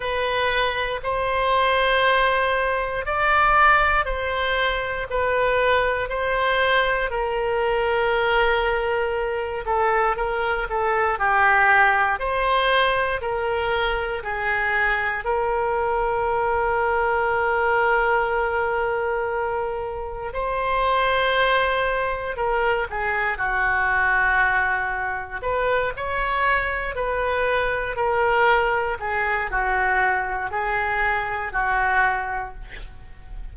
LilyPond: \new Staff \with { instrumentName = "oboe" } { \time 4/4 \tempo 4 = 59 b'4 c''2 d''4 | c''4 b'4 c''4 ais'4~ | ais'4. a'8 ais'8 a'8 g'4 | c''4 ais'4 gis'4 ais'4~ |
ais'1 | c''2 ais'8 gis'8 fis'4~ | fis'4 b'8 cis''4 b'4 ais'8~ | ais'8 gis'8 fis'4 gis'4 fis'4 | }